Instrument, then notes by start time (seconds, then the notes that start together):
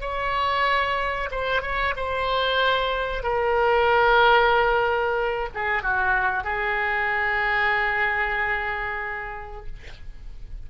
oboe
0.00 C#5
1.30 C5
1.61 C#5
1.96 C5
3.23 A#4
5.54 G#4
5.82 F#4
6.43 G#4